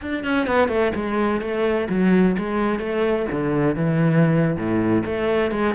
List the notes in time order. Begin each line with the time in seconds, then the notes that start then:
0.01 D4
0.24 C#4
0.47 B3
0.68 A3
0.95 G#3
1.41 A3
1.89 F#3
2.37 G#3
2.79 A3
3.31 D3
3.75 E3
4.56 A2
5.05 A3
5.51 G#3